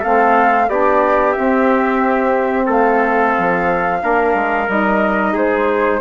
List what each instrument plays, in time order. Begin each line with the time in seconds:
0.00 bassoon A3, saxophone C4, trumpet A4, flute F5
0.68 bassoon B3, saxophone D4, trumpet G4, flute D5
1.32 saxophone C4, bassoon C4, flute E5
2.66 bassoon A3, trumpet A4, flute F5
3.38 bassoon F3
3.99 bassoon A#3, saxophone D4, trumpet A#4
4.34 bassoon G#3
4.68 bassoon G3, saxophone D#4, flute D#5
5.33 bassoon G#3, trumpet G#4, flute C5